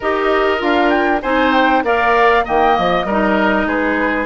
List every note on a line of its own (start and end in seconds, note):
0.00 0.61 D#4
0.00 0.58 G4
0.00 1.22 A#4
0.00 0.62 D#5
0.58 1.22 D4
0.58 1.19 F4
0.58 0.89 F5
0.89 1.20 G5
1.22 1.83 C4
1.22 1.84 D#4
1.22 1.83 C5
1.22 1.52 G#5
1.53 1.83 G5
1.83 2.44 A#3
1.83 2.45 A#4
1.83 2.44 D5
1.83 2.46 F5
2.44 2.78 D#3
2.44 3.07 A#3
2.44 3.06 D#5
2.44 2.77 G5
2.77 3.04 F3
2.77 3.68 D#5
3.04 3.66 G3
3.04 4.26 D#4
3.04 3.67 A#4
3.66 4.26 G#3
3.66 4.26 G#4
3.66 4.26 B4